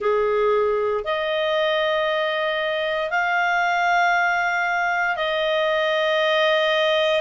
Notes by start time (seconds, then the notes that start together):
0.00 G#4
1.04 D#5
3.10 F5
5.16 D#5